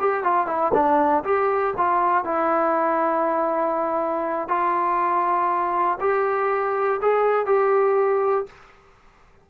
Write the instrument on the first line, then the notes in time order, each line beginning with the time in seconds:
trombone
0.00 G4
0.24 F4
0.47 E4
0.74 D4
1.24 G4
1.77 F4
2.25 E4
4.49 F4
6.01 G4
7.02 G#4
7.46 G4